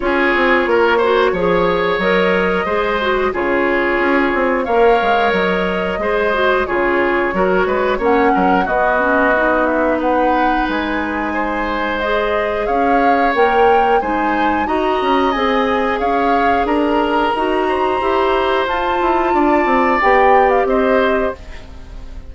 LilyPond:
<<
  \new Staff \with { instrumentName = "flute" } { \time 4/4 \tempo 4 = 90 cis''2. dis''4~ | dis''4 cis''2 f''4 | dis''2 cis''2 | fis''4 dis''4. e''8 fis''4 |
gis''2 dis''4 f''4 | g''4 gis''4 ais''4 gis''4 | f''4 ais''2. | a''2 g''8. f''16 dis''4 | }
  \new Staff \with { instrumentName = "oboe" } { \time 4/4 gis'4 ais'8 c''8 cis''2 | c''4 gis'2 cis''4~ | cis''4 c''4 gis'4 ais'8 b'8 | cis''8 ais'8 fis'2 b'4~ |
b'4 c''2 cis''4~ | cis''4 c''4 dis''2 | cis''4 ais'4. c''4.~ | c''4 d''2 c''4 | }
  \new Staff \with { instrumentName = "clarinet" } { \time 4/4 f'4. fis'8 gis'4 ais'4 | gis'8 fis'8 f'2 ais'4~ | ais'4 gis'8 fis'8 f'4 fis'4 | cis'4 b8 cis'8 dis'2~ |
dis'2 gis'2 | ais'4 dis'4 fis'4 gis'4~ | gis'2 fis'4 g'4 | f'2 g'2 | }
  \new Staff \with { instrumentName = "bassoon" } { \time 4/4 cis'8 c'8 ais4 f4 fis4 | gis4 cis4 cis'8 c'8 ais8 gis8 | fis4 gis4 cis4 fis8 gis8 | ais8 fis8 b2. |
gis2. cis'4 | ais4 gis4 dis'8 cis'8 c'4 | cis'4 d'4 dis'4 e'4 | f'8 e'8 d'8 c'8 b4 c'4 | }
>>